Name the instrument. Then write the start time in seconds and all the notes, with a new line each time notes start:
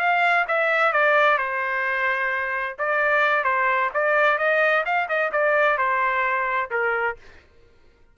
trumpet
0.00 F5
0.48 E5
0.93 D5
1.38 C5
2.79 D5
3.44 C5
3.94 D5
4.39 D#5
4.86 F5
5.09 D#5
5.32 D5
5.78 C5
6.71 A#4